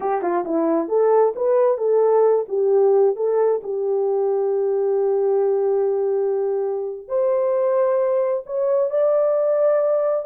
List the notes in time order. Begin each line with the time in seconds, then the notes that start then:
0.00 G4
0.22 F4
0.44 E4
0.88 A4
1.35 B4
1.77 A4
2.48 G4
3.16 A4
3.63 G4
7.08 C5
8.46 C#5
8.90 D5